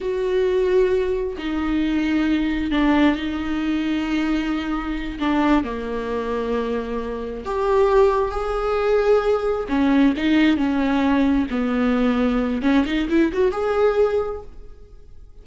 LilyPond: \new Staff \with { instrumentName = "viola" } { \time 4/4 \tempo 4 = 133 fis'2. dis'4~ | dis'2 d'4 dis'4~ | dis'2.~ dis'8 d'8~ | d'8 ais2.~ ais8~ |
ais8 g'2 gis'4.~ | gis'4. cis'4 dis'4 cis'8~ | cis'4. b2~ b8 | cis'8 dis'8 e'8 fis'8 gis'2 | }